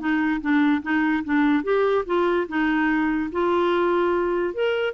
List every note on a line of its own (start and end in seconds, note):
0.00 0.41 D#4
0.42 0.83 D4
0.83 1.24 D#4
1.25 1.64 D4
1.64 2.05 G4
2.07 2.48 F4
2.49 3.31 D#4
3.33 4.55 F4
4.55 4.94 A#4